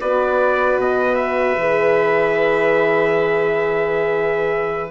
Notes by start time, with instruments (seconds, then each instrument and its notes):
0.00 bassoon B3, horn F#4, violin B4, trumpet D5
0.78 bassoon B2, trumpet D#5
1.15 trumpet E5
1.57 bassoon E3, horn G#4